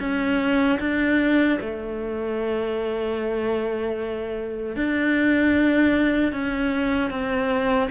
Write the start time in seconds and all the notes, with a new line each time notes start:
0.00 C#4
0.80 D4
1.60 A3
4.76 D4
6.33 C#4
7.11 C4